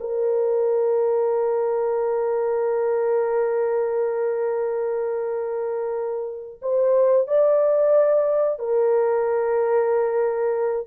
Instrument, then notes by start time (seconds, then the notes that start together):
horn
0.00 A#4
6.61 C5
7.27 D5
8.59 A#4